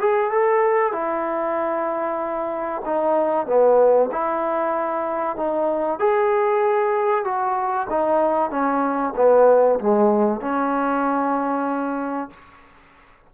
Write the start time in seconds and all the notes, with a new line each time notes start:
0.00 G#4
0.31 A4
0.93 E4
2.86 D#4
3.47 B3
4.12 E4
5.37 D#4
6.00 G#4
7.25 F#4
7.90 D#4
8.51 C#4
9.17 B3
9.80 G#3
10.41 C#4